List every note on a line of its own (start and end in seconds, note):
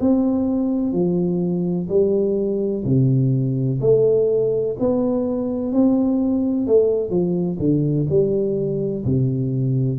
0.00 0.92 C4
0.92 1.87 F3
1.88 2.84 G3
2.84 3.80 C3
3.81 4.76 A3
4.80 5.72 B3
5.72 6.67 C4
6.67 7.10 A3
7.10 7.58 F3
7.59 8.06 D3
8.10 9.05 G3
9.05 9.99 C3